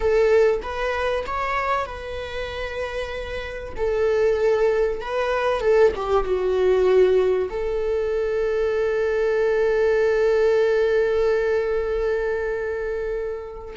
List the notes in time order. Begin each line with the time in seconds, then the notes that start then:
0.00 A4
0.62 B4
1.26 C#5
1.86 B4
3.76 A4
5.01 B4
5.60 A4
5.95 G4
6.24 F#4
7.50 A4